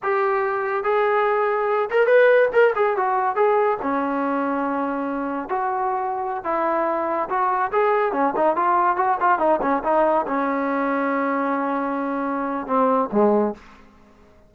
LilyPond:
\new Staff \with { instrumentName = "trombone" } { \time 4/4 \tempo 4 = 142 g'2 gis'2~ | gis'8 ais'8 b'4 ais'8 gis'8 fis'4 | gis'4 cis'2.~ | cis'4 fis'2~ fis'16 e'8.~ |
e'4~ e'16 fis'4 gis'4 cis'8 dis'16~ | dis'16 f'4 fis'8 f'8 dis'8 cis'8 dis'8.~ | dis'16 cis'2.~ cis'8.~ | cis'2 c'4 gis4 | }